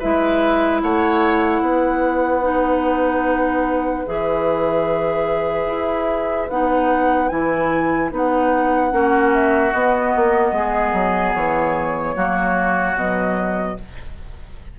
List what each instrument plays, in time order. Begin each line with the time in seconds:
0.00 bassoon G#3, clarinet E4, oboe B4, flute E5
0.83 bassoon A3, oboe C#5, flute F#5
1.61 bassoon B3, oboe B4
2.42 clarinet D#4
4.06 bassoon E3, clarinet G#4, flute E5
5.66 bassoon E4
6.50 bassoon B3, clarinet D#4, flute F#5
7.29 bassoon E3, clarinet E4, flute G#5
8.11 bassoon B3, clarinet D#4, flute F#5
8.91 bassoon A#3, clarinet C#4, oboe F#4
9.35 flute E5
9.73 bassoon B3, clarinet B3, flute D#5
10.16 bassoon A#3
10.52 bassoon G#3, oboe G#4
10.93 bassoon F#3
11.35 bassoon E3, flute C#5
12.15 bassoon F#3, clarinet A#3, oboe F#4
12.95 bassoon B2, clarinet F#3, flute D#5